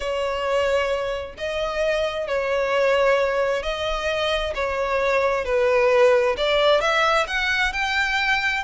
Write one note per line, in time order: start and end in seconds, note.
0.00 1.34 C#5
1.37 2.27 D#5
2.27 3.62 C#5
3.62 4.53 D#5
4.55 5.44 C#5
5.44 6.35 B4
6.37 6.80 D5
6.80 7.26 E5
7.27 7.72 F#5
7.73 8.63 G5